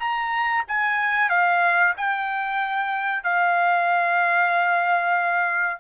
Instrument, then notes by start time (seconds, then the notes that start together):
trumpet
0.00 A#5
0.68 G#5
1.29 F5
1.97 G5
3.24 F5